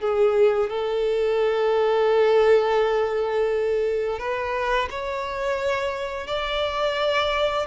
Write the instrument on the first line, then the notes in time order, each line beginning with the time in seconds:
violin
0.00 G#4
0.70 A4
4.19 B4
4.90 C#5
6.27 D5